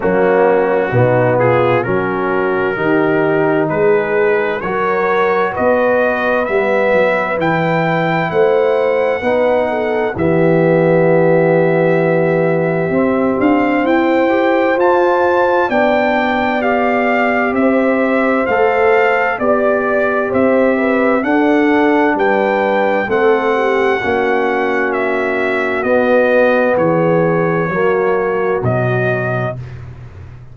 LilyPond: <<
  \new Staff \with { instrumentName = "trumpet" } { \time 4/4 \tempo 4 = 65 fis'4. gis'8 ais'2 | b'4 cis''4 dis''4 e''4 | g''4 fis''2 e''4~ | e''2~ e''8 f''8 g''4 |
a''4 g''4 f''4 e''4 | f''4 d''4 e''4 fis''4 | g''4 fis''2 e''4 | dis''4 cis''2 dis''4 | }
  \new Staff \with { instrumentName = "horn" } { \time 4/4 cis'4 dis'8 f'8 fis'4 g'4 | gis'4 ais'4 b'2~ | b'4 c''4 b'8 a'8 g'4~ | g'2. c''4~ |
c''4 d''2 c''4~ | c''4 d''4 c''8 b'8 a'4 | b'4 a'8 g'8 fis'2~ | fis'4 gis'4 fis'2 | }
  \new Staff \with { instrumentName = "trombone" } { \time 4/4 ais4 b4 cis'4 dis'4~ | dis'4 fis'2 b4 | e'2 dis'4 b4~ | b2 c'4. g'8 |
f'4 d'4 g'2 | a'4 g'2 d'4~ | d'4 c'4 cis'2 | b2 ais4 fis4 | }
  \new Staff \with { instrumentName = "tuba" } { \time 4/4 fis4 b,4 fis4 dis4 | gis4 fis4 b4 g8 fis8 | e4 a4 b4 e4~ | e2 c'8 d'8 e'4 |
f'4 b2 c'4 | a4 b4 c'4 d'4 | g4 a4 ais2 | b4 e4 fis4 b,4 | }
>>